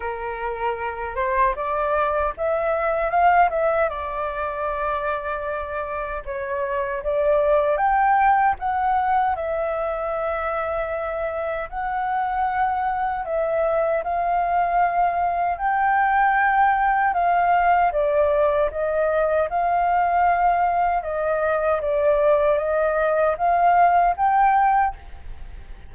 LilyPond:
\new Staff \with { instrumentName = "flute" } { \time 4/4 \tempo 4 = 77 ais'4. c''8 d''4 e''4 | f''8 e''8 d''2. | cis''4 d''4 g''4 fis''4 | e''2. fis''4~ |
fis''4 e''4 f''2 | g''2 f''4 d''4 | dis''4 f''2 dis''4 | d''4 dis''4 f''4 g''4 | }